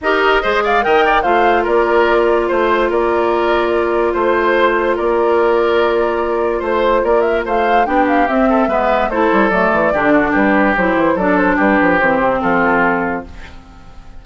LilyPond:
<<
  \new Staff \with { instrumentName = "flute" } { \time 4/4 \tempo 4 = 145 dis''4. f''8 g''4 f''4 | d''2 c''4 d''4~ | d''2 c''2 | d''1 |
c''4 d''8 e''8 f''4 g''8 f''8 | e''2 c''4 d''4~ | d''4 b'4 c''4 d''8 c''8 | b'4 c''4 a'2 | }
  \new Staff \with { instrumentName = "oboe" } { \time 4/4 ais'4 c''8 d''8 dis''8 d''8 c''4 | ais'2 c''4 ais'4~ | ais'2 c''2 | ais'1 |
c''4 ais'4 c''4 g'4~ | g'8 a'8 b'4 a'2 | g'8 fis'8 g'2 a'4 | g'2 f'2 | }
  \new Staff \with { instrumentName = "clarinet" } { \time 4/4 g'4 gis'4 ais'4 f'4~ | f'1~ | f'1~ | f'1~ |
f'2. d'4 | c'4 b4 e'4 a4 | d'2 e'4 d'4~ | d'4 c'2. | }
  \new Staff \with { instrumentName = "bassoon" } { \time 4/4 dis'4 gis4 dis4 a4 | ais2 a4 ais4~ | ais2 a2 | ais1 |
a4 ais4 a4 b4 | c'4 gis4 a8 g8 fis8 e8 | d4 g4 fis8 e8 fis4 | g8 f8 e8 c8 f2 | }
>>